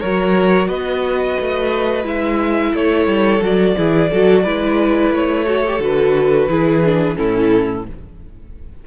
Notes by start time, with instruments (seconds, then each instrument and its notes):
0.00 cello F#3, viola F#4, violin A#4 C#5
0.68 cello B3, violin B4 D#5
1.40 cello A3
2.04 cello G#3, viola E4, violin E5
2.73 cello A3, violin A4 C#5
3.06 cello G3
3.41 cello F#3, viola F#4, violin D5
3.76 cello E3, viola E4, violin G#4
4.11 cello F#3, viola F#4, violin A4
4.43 cello G#3, viola E4, violin B4
5.11 cello A3, violin C#5
5.46 viola F#4, violin A4
5.66 viola G4
5.79 cello D3, viola F#4, violin B4
6.48 cello E3, viola E4, violin G#4
6.84 viola D4
7.15 cello A2, viola C#4, violin E4 A4